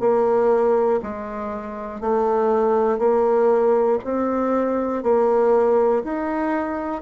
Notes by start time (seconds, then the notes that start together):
0.00 A#3
1.03 G#3
2.01 A3
2.99 A#3
4.04 C4
5.03 A#3
6.04 D#4